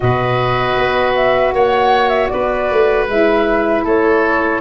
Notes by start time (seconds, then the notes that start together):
0.00 B2 F#4 B4 D#5
0.77 B3
1.14 E5
1.53 A#3 C#5 F#5
2.08 E5
2.28 B3 B4 D5
2.71 A3
3.07 G#3 E4 E5
3.84 A3 A4 C#5